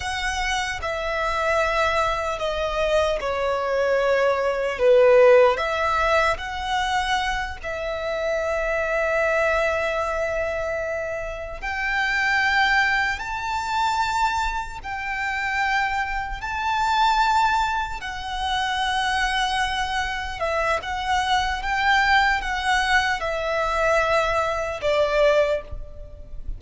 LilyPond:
\new Staff \with { instrumentName = "violin" } { \time 4/4 \tempo 4 = 75 fis''4 e''2 dis''4 | cis''2 b'4 e''4 | fis''4. e''2~ e''8~ | e''2~ e''8 g''4.~ |
g''8 a''2 g''4.~ | g''8 a''2 fis''4.~ | fis''4. e''8 fis''4 g''4 | fis''4 e''2 d''4 | }